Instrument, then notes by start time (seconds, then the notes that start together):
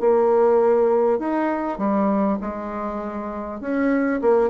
bassoon
0.00 A#3
1.19 D#4
1.78 G3
2.41 G#3
3.61 C#4
4.22 A#3